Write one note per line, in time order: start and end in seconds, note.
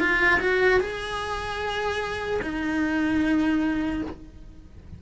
0.00 0.40 F4
0.40 0.80 F#4
0.80 2.40 G#4
2.42 4.02 D#4